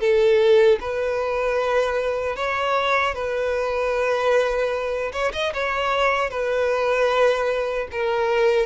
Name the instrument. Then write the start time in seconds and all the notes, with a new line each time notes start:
violin
0.00 A4
0.80 B4
2.36 C#5
3.14 B4
5.12 C#5
5.33 D#5
5.54 C#5
6.30 B4
7.91 A#4